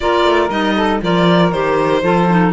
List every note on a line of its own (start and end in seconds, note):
0.00 0.24 A#3
0.00 0.49 F4
0.00 0.75 A#4
0.00 0.49 D5
0.24 0.49 A3
0.49 1.01 G3
0.49 1.00 D#4
0.49 1.01 D#5
0.75 1.01 A4
1.01 1.52 F3
1.01 1.52 F4
1.01 2.02 A#4
1.01 1.51 D5
1.51 2.02 D#3
1.51 2.02 G4
1.51 2.52 C5
2.02 2.52 F3
2.02 2.27 F4
2.02 2.52 A4
2.29 2.52 D#4